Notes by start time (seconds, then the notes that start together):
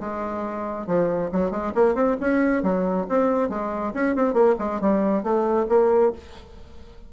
0.00 G#3
0.87 F3
1.32 F#3
1.51 G#3
1.75 A#3
1.95 C4
2.21 C#4
2.63 F#3
3.09 C4
3.49 G#3
3.94 C#4
4.16 C4
4.34 A#3
4.59 G#3
4.81 G3
5.23 A3
5.69 A#3